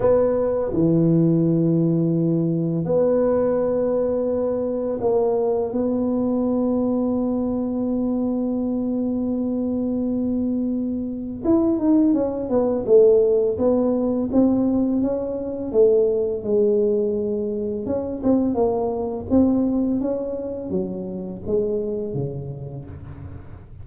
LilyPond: \new Staff \with { instrumentName = "tuba" } { \time 4/4 \tempo 4 = 84 b4 e2. | b2. ais4 | b1~ | b1 |
e'8 dis'8 cis'8 b8 a4 b4 | c'4 cis'4 a4 gis4~ | gis4 cis'8 c'8 ais4 c'4 | cis'4 fis4 gis4 cis4 | }